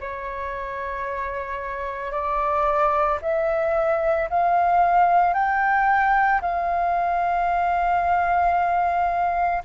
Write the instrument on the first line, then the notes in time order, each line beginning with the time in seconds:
flute
0.00 C#5
2.11 D5
3.21 E5
4.30 F5
5.33 G5
6.41 F5